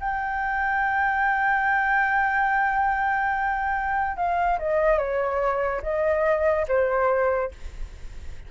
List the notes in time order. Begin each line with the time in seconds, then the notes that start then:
0.00 G5
4.17 F5
4.59 D#5
4.98 C#5
5.83 D#5
6.68 C5